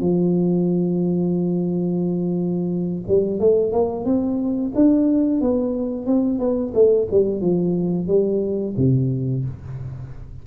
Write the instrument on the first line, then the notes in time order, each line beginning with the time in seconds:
tuba
0.00 F3
3.08 G3
3.40 A3
3.72 A#3
4.05 C4
4.75 D4
5.41 B3
6.06 C4
6.39 B3
6.74 A3
7.11 G3
7.41 F3
8.07 G3
8.77 C3